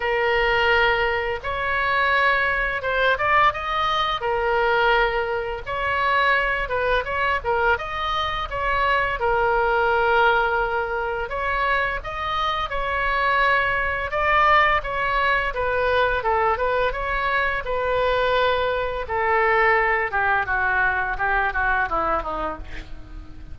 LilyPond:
\new Staff \with { instrumentName = "oboe" } { \time 4/4 \tempo 4 = 85 ais'2 cis''2 | c''8 d''8 dis''4 ais'2 | cis''4. b'8 cis''8 ais'8 dis''4 | cis''4 ais'2. |
cis''4 dis''4 cis''2 | d''4 cis''4 b'4 a'8 b'8 | cis''4 b'2 a'4~ | a'8 g'8 fis'4 g'8 fis'8 e'8 dis'8 | }